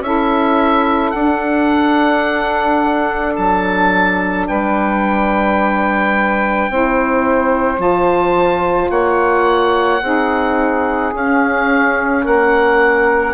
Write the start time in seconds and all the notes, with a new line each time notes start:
0.00 C#4 E4 A4 E5
1.11 D4 F#5
3.36 F#3 A5
4.48 G3 B4 G5
6.70 C4 E4 C5
7.77 F3 F4 A5
8.91 A#3 C#5 F#5
10.02 C4 D#4 G#4
11.14 C#4 F5
12.23 A#3 A#4 F#5